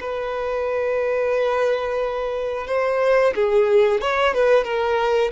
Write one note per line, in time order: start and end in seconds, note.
0.00 2.67 B4
2.67 3.33 C5
3.35 4.01 G#4
4.01 4.34 C#5
4.34 4.64 B4
4.64 5.31 A#4